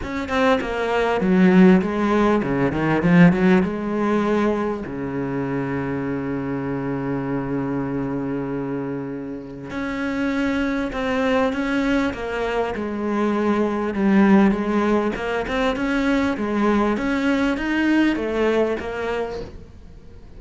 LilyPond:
\new Staff \with { instrumentName = "cello" } { \time 4/4 \tempo 4 = 99 cis'8 c'8 ais4 fis4 gis4 | cis8 dis8 f8 fis8 gis2 | cis1~ | cis1 |
cis'2 c'4 cis'4 | ais4 gis2 g4 | gis4 ais8 c'8 cis'4 gis4 | cis'4 dis'4 a4 ais4 | }